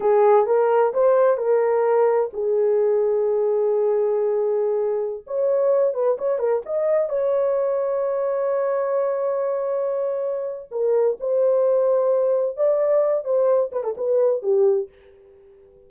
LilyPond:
\new Staff \with { instrumentName = "horn" } { \time 4/4 \tempo 4 = 129 gis'4 ais'4 c''4 ais'4~ | ais'4 gis'2.~ | gis'2.~ gis'16 cis''8.~ | cis''8. b'8 cis''8 ais'8 dis''4 cis''8.~ |
cis''1~ | cis''2. ais'4 | c''2. d''4~ | d''8 c''4 b'16 a'16 b'4 g'4 | }